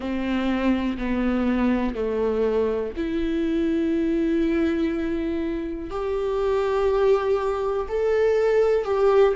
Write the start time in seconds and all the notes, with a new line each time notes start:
0.00 C4
0.97 B3
1.94 A3
2.96 E4
5.90 G4
7.88 A4
8.84 G4